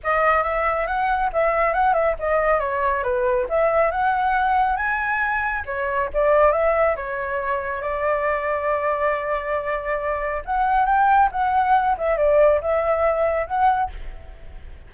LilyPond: \new Staff \with { instrumentName = "flute" } { \time 4/4 \tempo 4 = 138 dis''4 e''4 fis''4 e''4 | fis''8 e''8 dis''4 cis''4 b'4 | e''4 fis''2 gis''4~ | gis''4 cis''4 d''4 e''4 |
cis''2 d''2~ | d''1 | fis''4 g''4 fis''4. e''8 | d''4 e''2 fis''4 | }